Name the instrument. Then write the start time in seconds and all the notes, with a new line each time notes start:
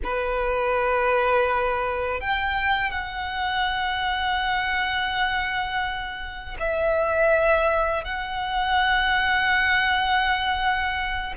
violin
0.03 B4
2.20 G5
2.91 F#5
6.59 E5
8.04 F#5